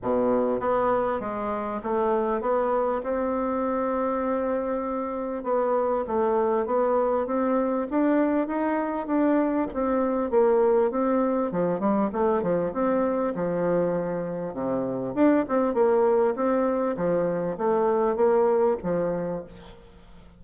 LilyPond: \new Staff \with { instrumentName = "bassoon" } { \time 4/4 \tempo 4 = 99 b,4 b4 gis4 a4 | b4 c'2.~ | c'4 b4 a4 b4 | c'4 d'4 dis'4 d'4 |
c'4 ais4 c'4 f8 g8 | a8 f8 c'4 f2 | c4 d'8 c'8 ais4 c'4 | f4 a4 ais4 f4 | }